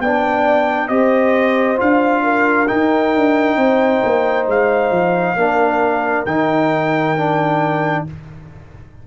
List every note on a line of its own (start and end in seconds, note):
0.00 0.90 B3
0.00 0.90 D4
0.00 0.90 D5
0.00 0.89 G5
0.89 1.79 C4
0.89 1.77 G4
0.89 2.24 C5
0.89 1.78 D#5
1.77 2.71 D4
1.77 2.67 F4
1.77 2.68 F5
2.24 3.58 A#4
2.68 5.37 D#4
2.68 3.16 D#4
2.68 4.47 G5
3.16 3.57 D4
3.57 4.01 C4
3.57 5.37 C5
4.04 4.48 A#3
4.48 4.91 G#3
4.48 6.26 F5
4.91 5.36 F3
5.36 6.26 A#3
5.36 6.27 D4
5.36 8.06 A#4
6.26 8.05 D#3
6.26 7.18 D#4
6.26 8.05 G5
7.18 8.07 D4